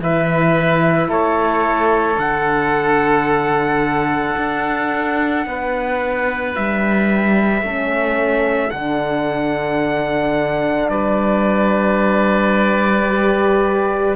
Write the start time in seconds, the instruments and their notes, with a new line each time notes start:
0.00 cello E3, horn E4, oboe B4, trumpet E5
1.08 cello A3, oboe A4, trumpet C#5
2.15 cello D3, horn D4, trumpet F#5
4.37 cello D4
5.46 cello B3, oboe B4
6.55 cello G3, trumpet E5
7.62 cello A3, horn C#4, oboe A4
8.70 cello D3, horn D4, trumpet F#5
10.89 cello G3, oboe B4, trumpet D5
13.07 horn G4